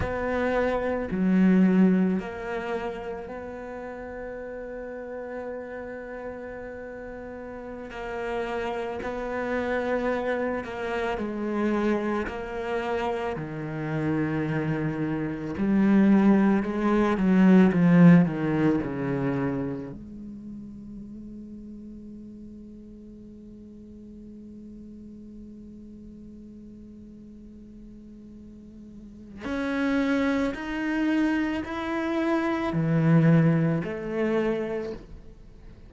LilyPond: \new Staff \with { instrumentName = "cello" } { \time 4/4 \tempo 4 = 55 b4 fis4 ais4 b4~ | b2.~ b16 ais8.~ | ais16 b4. ais8 gis4 ais8.~ | ais16 dis2 g4 gis8 fis16~ |
fis16 f8 dis8 cis4 gis4.~ gis16~ | gis1~ | gis2. cis'4 | dis'4 e'4 e4 a4 | }